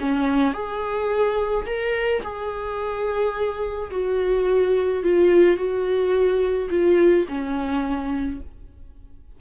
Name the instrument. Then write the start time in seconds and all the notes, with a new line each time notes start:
viola
0.00 C#4
0.54 G#4
1.66 A#4
2.22 G#4
3.91 F#4
5.03 F4
5.57 F#4
6.70 F4
7.28 C#4